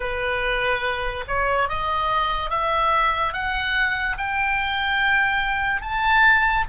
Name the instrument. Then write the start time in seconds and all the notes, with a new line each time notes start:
oboe
0.00 B4
1.27 C#5
1.68 D#5
2.50 E5
3.33 F#5
4.17 G5
5.81 A5